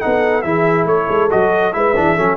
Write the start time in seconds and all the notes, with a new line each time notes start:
0.00 B3 D#4 A4 F#5
0.41 E3 E4 G#4 E5
0.85 A3 A4 C#5
1.08 G#3
1.30 F#3 F#4 D#5
1.72 G#3 E4 B4 E5
1.95 E3 D4 G#4
2.15 F#3 C#4 A4